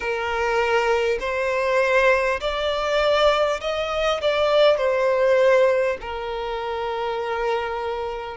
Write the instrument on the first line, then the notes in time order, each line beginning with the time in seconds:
violin
0.00 A#4
1.19 C5
2.40 D5
3.60 D#5
4.21 D5
4.77 C5
6.00 A#4